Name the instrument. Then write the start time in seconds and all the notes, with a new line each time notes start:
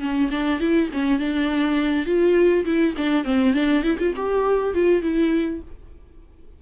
viola
0.00 C#4
0.31 D4
0.60 E4
0.93 C#4
1.19 D4
2.06 F4
2.65 E4
2.97 D4
3.24 C4
3.53 D4
3.83 E4
3.98 F4
4.16 G4
4.74 F4
5.02 E4